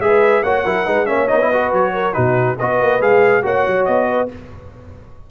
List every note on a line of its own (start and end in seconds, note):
0.00 0.43 G#3
0.00 0.45 G#4
0.00 0.44 B4
0.00 0.44 E5
0.44 0.65 A#3
0.44 0.66 F#4
0.44 0.65 C#5
0.44 1.07 F#5
0.65 0.87 F#3
0.65 0.87 E4
0.65 0.86 A#4
0.86 1.09 G#3
0.86 1.07 D#4
0.86 1.07 B4
1.07 1.30 A#3
1.07 1.28 C#4
1.07 1.50 C#5
1.07 1.28 E5
1.28 1.73 B3
1.28 1.39 D#4
1.28 1.71 D#5
1.42 1.52 E4
1.50 2.13 F#4
1.50 1.93 B4
1.73 2.16 F#3
1.73 2.14 C#5
1.94 2.15 A#4
2.13 2.60 B2
2.13 2.56 D#4
2.13 2.58 F#4
2.13 2.57 B4
2.59 2.81 B3
2.59 3.01 F#4
2.59 3.44 B4
2.59 3.02 D#5
2.81 3.01 A#3
3.01 3.44 G#3
3.01 3.43 G#4
3.01 3.45 F5
3.43 3.66 A#3
3.43 4.29 F#4
3.43 4.08 C#5
3.43 3.86 F#5
3.67 3.88 F#3
3.86 4.31 B3
3.86 4.29 D#5
4.09 4.30 B4